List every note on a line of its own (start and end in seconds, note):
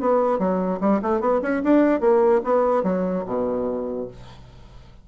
0.00 0.39 B3
0.39 0.79 F#3
0.80 1.01 G3
1.02 1.20 A3
1.20 1.40 B3
1.42 1.62 C#4
1.63 2.00 D4
2.00 2.41 A#3
2.44 2.83 B3
2.83 3.24 F#3
3.26 4.07 B2